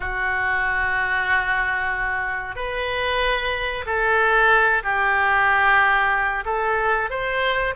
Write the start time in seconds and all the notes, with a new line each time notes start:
0.00 F#4
2.55 B4
3.85 A4
4.83 G4
6.45 A4
7.10 C5